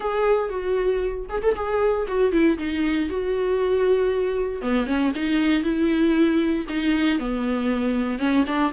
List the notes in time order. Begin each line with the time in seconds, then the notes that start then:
0.00 G#4
0.49 F#4
1.29 G#4
1.42 A4
1.55 G#4
2.07 F#4
2.31 E4
2.58 D#4
3.09 F#4
4.61 B3
4.86 C#4
5.15 D#4
5.63 E4
6.69 D#4
7.19 B3
8.18 C#4
8.46 D4